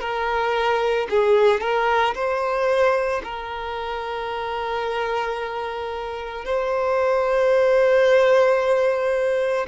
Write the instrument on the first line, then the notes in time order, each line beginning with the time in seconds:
violin
0.00 A#4
1.10 G#4
1.60 A#4
2.14 C5
3.23 A#4
6.45 C5